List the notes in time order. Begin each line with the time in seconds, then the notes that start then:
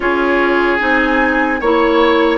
0.00 C#4 F4 G#4 C#5
0.79 C4 D#4 G#5
1.60 A#3 E4 C#5